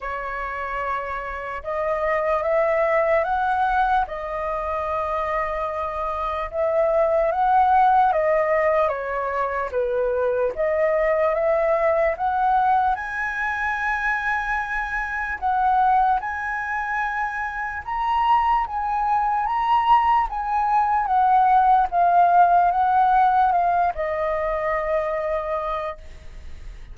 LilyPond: \new Staff \with { instrumentName = "flute" } { \time 4/4 \tempo 4 = 74 cis''2 dis''4 e''4 | fis''4 dis''2. | e''4 fis''4 dis''4 cis''4 | b'4 dis''4 e''4 fis''4 |
gis''2. fis''4 | gis''2 ais''4 gis''4 | ais''4 gis''4 fis''4 f''4 | fis''4 f''8 dis''2~ dis''8 | }